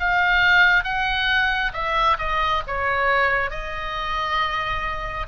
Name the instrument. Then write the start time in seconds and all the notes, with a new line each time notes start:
oboe
0.00 F5
0.84 F#5
1.74 E5
2.19 D#5
2.68 C#5
3.51 D#5